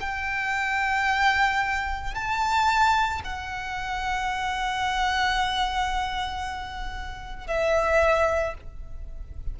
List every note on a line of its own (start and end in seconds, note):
0.00 2.14 G5
2.14 3.21 A5
3.24 7.47 F#5
7.47 8.54 E5